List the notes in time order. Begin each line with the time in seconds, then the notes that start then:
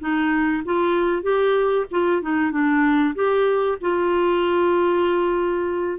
0.00 D#4
0.65 F4
1.23 G4
1.91 F4
2.22 D#4
2.51 D4
3.15 G4
3.81 F4